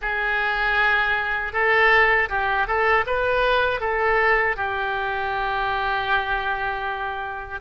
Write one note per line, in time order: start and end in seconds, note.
0.01 1.52 G#4
1.52 2.28 A4
2.29 2.67 G4
2.67 3.04 A4
3.06 3.80 B4
3.80 4.56 A4
4.56 7.60 G4